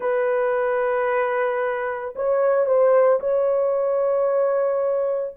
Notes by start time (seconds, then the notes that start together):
0.00 B4
2.15 C#5
2.65 C5
3.19 C#5